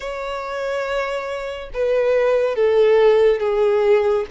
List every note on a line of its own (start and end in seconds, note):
0.00 1.69 C#5
1.73 2.55 B4
2.55 3.40 A4
3.40 4.25 G#4